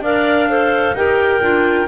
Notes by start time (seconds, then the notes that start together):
0.00 D4 A#4 D5 F5
0.50 A4 C5
0.94 D#4 G4 A#4 G5
1.42 D4 F4